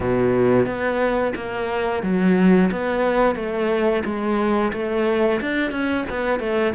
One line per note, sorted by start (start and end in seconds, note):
0.00 0.66 B2
0.66 1.33 B3
1.35 2.02 A#3
2.02 2.70 F#3
2.72 3.35 B3
3.35 4.03 A3
4.04 4.72 G#3
4.73 5.40 A3
5.41 5.71 D4
5.71 6.04 C#4
6.09 6.39 B3
6.39 6.73 A3